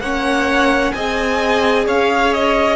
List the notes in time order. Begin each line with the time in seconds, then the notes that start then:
0.00 A#3 C#4 C#5 F#5
0.92 C4 G#4 D#5 G#5
1.87 C#4 C#5 F5
2.34 D#5